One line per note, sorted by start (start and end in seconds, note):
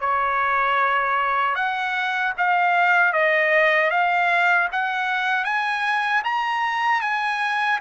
0.00 1.55 C#5
1.55 2.33 F#5
2.38 3.13 F5
3.13 3.91 D#5
3.91 4.69 F5
4.72 5.44 F#5
5.44 6.22 G#5
6.24 7.01 A#5
7.01 7.79 G#5